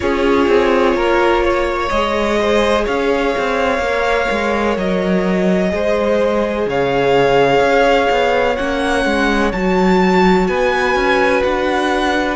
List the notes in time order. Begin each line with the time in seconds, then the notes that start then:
0.00 C#4 F4 G#4 C#5
0.47 C4
0.94 A#3 A#4
1.43 C#5
1.89 G#3 G#4 D#5
2.40 C5
2.84 C#4 C#5 F5
3.37 C4
3.79 A#3 A#4
4.30 G#3
4.77 F#3 D#5
5.69 G#3 G#4 C5
6.66 C#3 C#5 F5
7.60 C#4
8.10 B3
8.56 A#3 C#4 F#5
9.05 G#3
9.52 F#3 F#4 A5
10.47 B3 B4 G#5
10.95 C#4
11.43 D4 F#5